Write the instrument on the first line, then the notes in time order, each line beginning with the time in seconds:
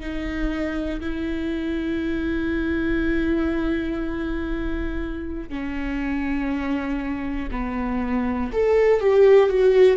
viola
0.00 D#4
1.00 E4
5.49 C#4
7.50 B3
8.52 A4
9.00 G4
9.49 F#4